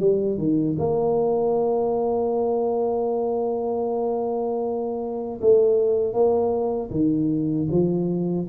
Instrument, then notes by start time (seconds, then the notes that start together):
tuba
0.00 G3
0.38 D#3
0.79 A#3
5.41 A3
6.13 A#3
6.91 D#3
7.71 F3